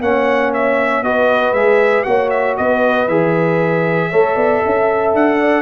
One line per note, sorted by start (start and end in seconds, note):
0.00 1.02 A#3
0.00 1.04 C#4
0.00 1.05 C#5
0.00 0.53 F#5
0.53 1.03 E5
1.02 1.52 B3
1.02 1.55 F#4
1.02 2.07 B4
1.02 1.53 D#5
1.52 2.03 G#3
1.52 2.05 G#4
1.52 2.03 E5
2.03 2.58 A#3
2.03 3.08 F#4
2.03 2.58 C#5
2.03 2.29 F#5
2.29 2.55 E5
2.57 3.07 B3
2.57 4.10 B4
2.57 3.08 D#5
3.07 4.10 E3
3.07 4.12 G#4
3.07 5.13 E5
4.10 4.35 A3
4.10 5.62 A4
4.10 4.35 C#5
4.35 4.61 B3
4.35 4.60 D5
4.60 5.14 C#4
4.60 5.37 E5
5.14 5.62 D4
5.14 5.62 F#5
5.39 5.62 D5